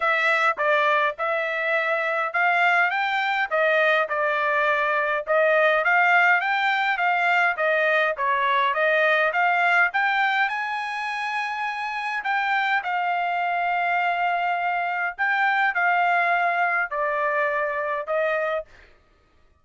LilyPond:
\new Staff \with { instrumentName = "trumpet" } { \time 4/4 \tempo 4 = 103 e''4 d''4 e''2 | f''4 g''4 dis''4 d''4~ | d''4 dis''4 f''4 g''4 | f''4 dis''4 cis''4 dis''4 |
f''4 g''4 gis''2~ | gis''4 g''4 f''2~ | f''2 g''4 f''4~ | f''4 d''2 dis''4 | }